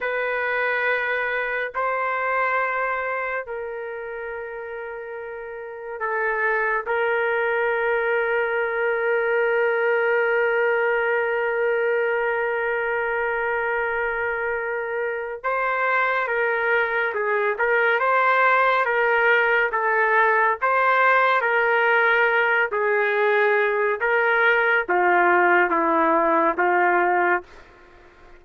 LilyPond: \new Staff \with { instrumentName = "trumpet" } { \time 4/4 \tempo 4 = 70 b'2 c''2 | ais'2. a'4 | ais'1~ | ais'1~ |
ais'2 c''4 ais'4 | gis'8 ais'8 c''4 ais'4 a'4 | c''4 ais'4. gis'4. | ais'4 f'4 e'4 f'4 | }